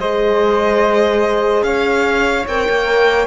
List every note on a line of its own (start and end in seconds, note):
0.00 1.62 G#3
0.00 2.47 G#4
0.00 1.65 C5
0.00 1.63 D#5
1.62 2.45 C#4
1.62 3.27 C#5
1.62 2.46 F5
2.48 2.68 C4
2.48 3.27 A#4
2.48 3.27 G5
2.69 3.27 A#3